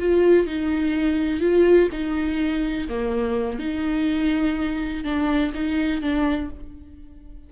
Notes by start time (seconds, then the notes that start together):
0.00 F4
0.47 D#4
1.41 F4
1.92 D#4
2.89 A#3
3.59 D#4
5.05 D4
5.55 D#4
6.02 D4